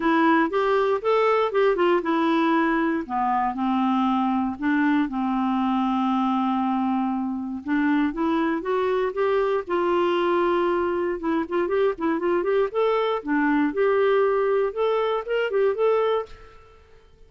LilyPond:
\new Staff \with { instrumentName = "clarinet" } { \time 4/4 \tempo 4 = 118 e'4 g'4 a'4 g'8 f'8 | e'2 b4 c'4~ | c'4 d'4 c'2~ | c'2. d'4 |
e'4 fis'4 g'4 f'4~ | f'2 e'8 f'8 g'8 e'8 | f'8 g'8 a'4 d'4 g'4~ | g'4 a'4 ais'8 g'8 a'4 | }